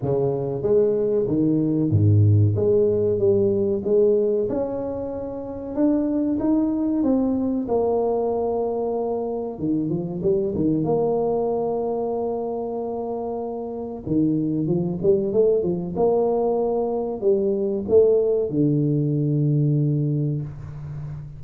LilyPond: \new Staff \with { instrumentName = "tuba" } { \time 4/4 \tempo 4 = 94 cis4 gis4 dis4 gis,4 | gis4 g4 gis4 cis'4~ | cis'4 d'4 dis'4 c'4 | ais2. dis8 f8 |
g8 dis8 ais2.~ | ais2 dis4 f8 g8 | a8 f8 ais2 g4 | a4 d2. | }